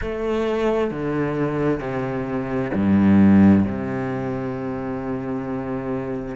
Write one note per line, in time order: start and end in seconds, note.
0.01 0.90 A3
0.90 1.79 D3
1.79 2.70 C3
2.73 3.64 G2
3.64 6.35 C3